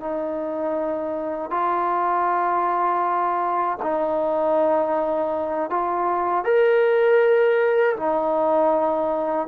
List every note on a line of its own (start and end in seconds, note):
0.00 1.50 D#4
1.50 3.78 F4
3.82 5.70 D#4
5.70 6.44 F4
6.44 7.96 A#4
7.96 9.47 D#4